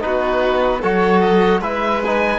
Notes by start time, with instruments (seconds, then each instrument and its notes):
0.00 cello B3, trombone D#4, violin F#4, oboe B4
0.81 cello F#3, trombone F#4, violin A4, oboe C#5
1.21 oboe D#5
1.60 cello G#3, trombone E4, violin B4, oboe E5
2.04 trombone D#4, oboe G#5